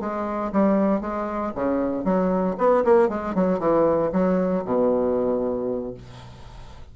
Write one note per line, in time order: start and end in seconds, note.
0.00 0.52 G#3
0.52 1.01 G3
1.01 1.52 G#3
1.55 2.04 C#3
2.04 2.56 F#3
2.58 2.84 B3
2.84 3.09 A#3
3.09 3.35 G#3
3.35 3.59 F#3
3.59 4.11 E3
4.12 4.64 F#3
4.65 5.94 B2